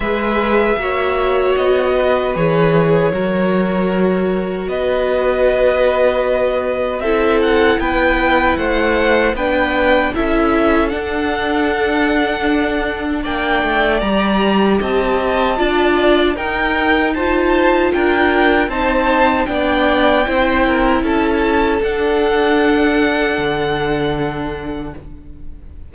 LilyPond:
<<
  \new Staff \with { instrumentName = "violin" } { \time 4/4 \tempo 4 = 77 e''2 dis''4 cis''4~ | cis''2 dis''2~ | dis''4 e''8 fis''8 g''4 fis''4 | g''4 e''4 fis''2~ |
fis''4 g''4 ais''4 a''4~ | a''4 g''4 a''4 g''4 | a''4 g''2 a''4 | fis''1 | }
  \new Staff \with { instrumentName = "violin" } { \time 4/4 b'4 cis''4. b'4. | ais'2 b'2~ | b'4 a'4 b'4 c''4 | b'4 a'2.~ |
a'4 d''2 dis''4 | d''4 ais'4 c''4 ais'4 | c''4 d''4 c''8 ais'8 a'4~ | a'1 | }
  \new Staff \with { instrumentName = "viola" } { \time 4/4 gis'4 fis'2 gis'4 | fis'1~ | fis'4 e'2. | d'4 e'4 d'2~ |
d'2 g'2 | f'4 dis'4 f'2 | dis'4 d'4 e'2 | d'1 | }
  \new Staff \with { instrumentName = "cello" } { \time 4/4 gis4 ais4 b4 e4 | fis2 b2~ | b4 c'4 b4 a4 | b4 cis'4 d'2~ |
d'4 ais8 a8 g4 c'4 | d'4 dis'2 d'4 | c'4 b4 c'4 cis'4 | d'2 d2 | }
>>